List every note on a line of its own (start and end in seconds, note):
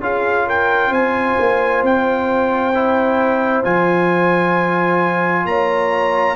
0.00 0.90 C#4
0.00 2.73 F4
0.00 0.46 G#4
0.00 0.48 F5
0.46 0.90 A#4
0.46 0.93 G5
0.90 1.35 C4
0.90 5.45 C5
0.90 1.84 G#5
1.39 1.82 A#3
1.82 3.64 C4
1.82 3.64 G5
2.74 3.63 E4
3.63 5.45 F3
3.63 6.36 F4
3.63 5.46 G#5
5.45 6.36 A#3
5.45 6.36 C#5
5.45 6.36 A#5